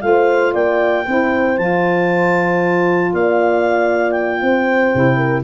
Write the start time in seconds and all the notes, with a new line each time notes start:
0.00 A3 F4 C5 F5
0.53 A#3 D5 G5
1.06 C4 E4 C5
1.57 F3 F4 A5
3.13 A#3 D5 F5
4.11 G5
4.42 C4 C5
4.93 C3 E4
5.16 A#4